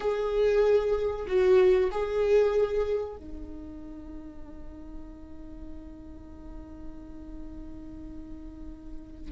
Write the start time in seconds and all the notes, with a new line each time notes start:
0.00 G#4
1.27 F#4
1.91 G#4
3.16 D#4